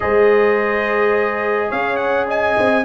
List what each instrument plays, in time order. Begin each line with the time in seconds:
0.00 tuba G#3, trombone G#4, horn C5, trumpet D#5
1.69 tuba C#4, horn C#5, trumpet F5
1.96 trumpet F#5
2.27 horn D#5, trumpet G#5
2.58 tuba C4